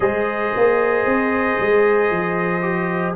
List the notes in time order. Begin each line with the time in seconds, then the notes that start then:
0.00 G#3 G#4 C5 D#5
0.56 A#3
1.05 C4
1.60 G#3
2.10 F3
2.61 G4